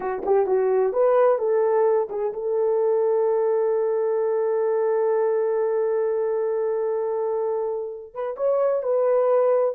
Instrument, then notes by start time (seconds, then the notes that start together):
horn
0.00 F#4
0.25 G4
0.46 F#4
0.93 B4
1.38 A4
2.09 G#4
2.33 A4
8.14 B4
8.36 C#5
8.82 B4